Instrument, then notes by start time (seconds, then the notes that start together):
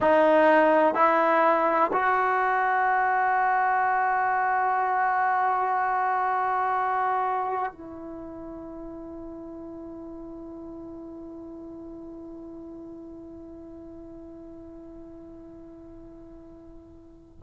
trombone
0.00 D#4
0.94 E4
1.93 F#4
7.72 E4